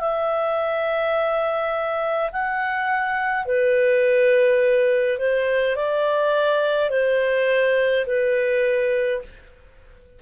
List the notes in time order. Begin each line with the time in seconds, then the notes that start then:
0.00 E5
2.32 F#5
3.46 B4
5.18 C5
5.76 D5
6.90 C5
8.07 B4